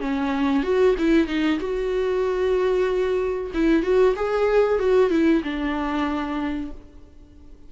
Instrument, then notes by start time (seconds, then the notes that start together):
viola
0.00 C#4
0.63 F#4
0.98 E4
1.27 D#4
1.59 F#4
3.54 E4
3.82 F#4
4.15 G#4
4.79 F#4
5.10 E4
5.43 D4